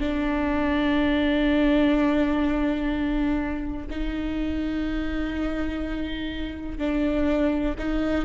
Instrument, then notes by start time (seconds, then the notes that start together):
viola
0.00 D4
3.91 D#4
6.79 D4
7.79 D#4